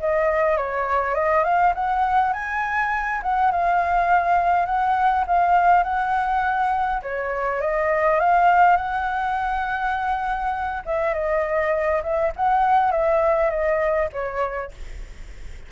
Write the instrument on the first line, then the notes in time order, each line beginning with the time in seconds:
flute
0.00 D#5
0.57 C#5
1.14 D#5
1.44 F5
1.75 F#5
2.33 G#5
3.22 F#5
3.51 F5
4.66 F#5
5.27 F5
5.83 F#5
7.02 C#5
7.61 D#5
8.20 F5
8.76 F#5
10.85 E5
11.14 D#5
12.03 E5
12.36 F#5
12.91 E5
13.50 D#5
14.13 C#5